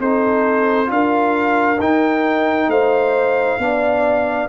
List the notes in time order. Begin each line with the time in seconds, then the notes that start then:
0.00 C4 D#4 A4 C5
0.86 D4 F4 F5
0.93 A#4
1.80 D#4 G5
2.68 A3 C5 F5
3.59 B3 D4 D5